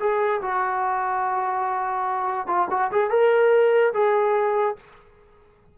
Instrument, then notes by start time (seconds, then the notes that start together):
trombone
0.00 G#4
0.42 F#4
2.47 F4
2.71 F#4
2.92 G#4
3.11 A#4
3.94 G#4